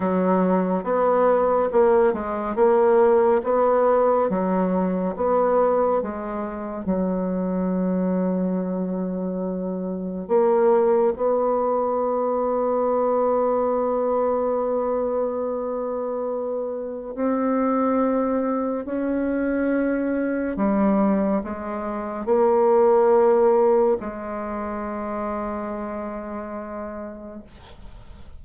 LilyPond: \new Staff \with { instrumentName = "bassoon" } { \time 4/4 \tempo 4 = 70 fis4 b4 ais8 gis8 ais4 | b4 fis4 b4 gis4 | fis1 | ais4 b2.~ |
b1 | c'2 cis'2 | g4 gis4 ais2 | gis1 | }